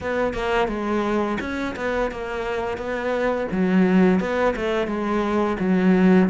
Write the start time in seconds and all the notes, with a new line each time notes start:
0.01 B3
0.33 A#3
0.68 G#3
1.40 C#4
1.76 B3
2.11 A#3
2.77 B3
3.51 F#3
4.20 B3
4.56 A3
4.87 G#3
5.59 F#3